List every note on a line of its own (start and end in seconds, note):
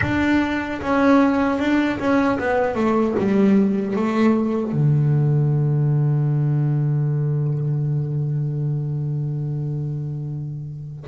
0.01 0.80 D4
0.81 1.59 C#4
1.59 1.98 D4
1.99 2.38 C#4
2.38 2.75 B3
2.75 3.14 A3
3.18 3.95 G3
3.95 4.72 A3
4.72 11.03 D3